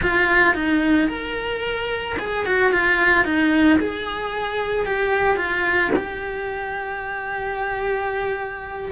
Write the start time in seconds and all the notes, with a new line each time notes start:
0.02 F4
0.54 D#4
1.07 A#4
2.19 G#4
2.45 F#4
2.72 F4
3.24 D#4
3.79 G#4
4.85 G4
5.36 F4
5.96 G4